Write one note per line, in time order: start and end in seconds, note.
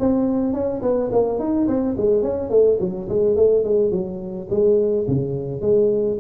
0.00 0.54 C4
0.54 0.82 C#4
0.83 1.11 B3
1.12 1.39 A#3
1.39 1.68 D#4
1.68 1.96 C4
1.97 2.23 G#3
2.23 2.50 C#4
2.50 2.78 A3
2.80 3.08 F#3
3.09 3.37 G#3
3.37 3.64 A3
3.64 3.92 G#3
3.92 4.48 F#3
4.50 5.07 G#3
5.08 5.62 C#3
5.62 6.18 G#3